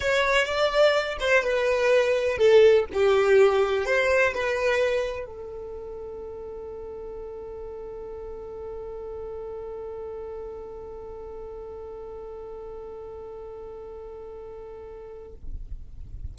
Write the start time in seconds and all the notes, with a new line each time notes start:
0.00 C#5
0.45 D5
1.20 C5
1.43 B4
2.37 A4
2.93 G4
3.85 C5
4.34 B4
5.25 A4